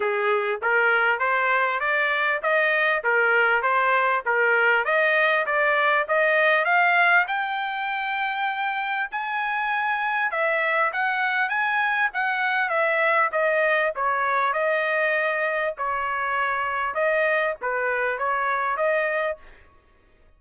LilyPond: \new Staff \with { instrumentName = "trumpet" } { \time 4/4 \tempo 4 = 99 gis'4 ais'4 c''4 d''4 | dis''4 ais'4 c''4 ais'4 | dis''4 d''4 dis''4 f''4 | g''2. gis''4~ |
gis''4 e''4 fis''4 gis''4 | fis''4 e''4 dis''4 cis''4 | dis''2 cis''2 | dis''4 b'4 cis''4 dis''4 | }